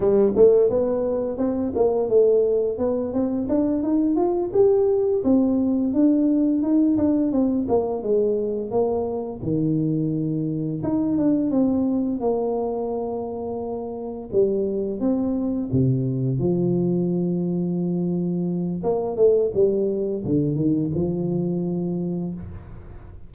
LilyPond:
\new Staff \with { instrumentName = "tuba" } { \time 4/4 \tempo 4 = 86 g8 a8 b4 c'8 ais8 a4 | b8 c'8 d'8 dis'8 f'8 g'4 c'8~ | c'8 d'4 dis'8 d'8 c'8 ais8 gis8~ | gis8 ais4 dis2 dis'8 |
d'8 c'4 ais2~ ais8~ | ais8 g4 c'4 c4 f8~ | f2. ais8 a8 | g4 d8 dis8 f2 | }